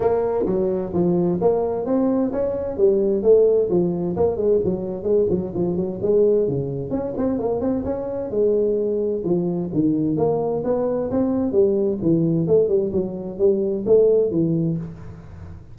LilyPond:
\new Staff \with { instrumentName = "tuba" } { \time 4/4 \tempo 4 = 130 ais4 fis4 f4 ais4 | c'4 cis'4 g4 a4 | f4 ais8 gis8 fis4 gis8 fis8 | f8 fis8 gis4 cis4 cis'8 c'8 |
ais8 c'8 cis'4 gis2 | f4 dis4 ais4 b4 | c'4 g4 e4 a8 g8 | fis4 g4 a4 e4 | }